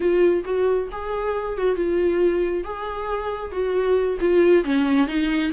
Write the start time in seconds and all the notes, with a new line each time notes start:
0.00 F4
0.44 F#4
0.91 G#4
1.57 F#4
1.75 F4
2.64 G#4
3.51 F#4
4.20 F4
4.63 C#4
5.07 D#4